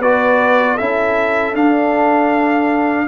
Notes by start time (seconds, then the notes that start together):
0.00 B3 F#4 B4 D5
0.75 C#4 E4 A4 E5
1.54 D4 F5